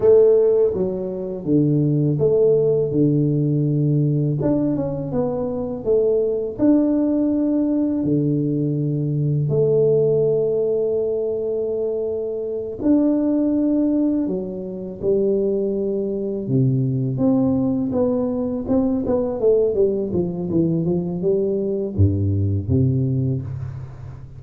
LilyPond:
\new Staff \with { instrumentName = "tuba" } { \time 4/4 \tempo 4 = 82 a4 fis4 d4 a4 | d2 d'8 cis'8 b4 | a4 d'2 d4~ | d4 a2.~ |
a4. d'2 fis8~ | fis8 g2 c4 c'8~ | c'8 b4 c'8 b8 a8 g8 f8 | e8 f8 g4 g,4 c4 | }